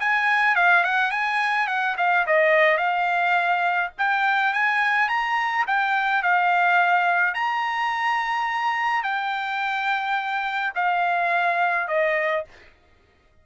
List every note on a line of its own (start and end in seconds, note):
0.00 0.56 G#5
0.56 0.84 F5
0.84 1.11 F#5
1.11 1.68 G#5
1.68 1.96 F#5
1.98 2.26 F5
2.27 2.78 D#5
2.78 3.91 F5
3.99 4.54 G5
4.54 5.09 G#5
5.09 5.66 A#5
5.67 6.23 G5
6.23 7.34 F5
7.34 9.03 A#5
9.03 10.73 G5
10.75 11.88 F5
11.88 12.45 D#5